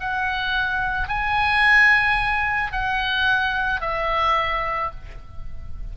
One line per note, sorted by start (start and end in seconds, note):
0.00 1.08 F#5
1.08 2.72 G#5
2.72 3.81 F#5
3.81 4.91 E5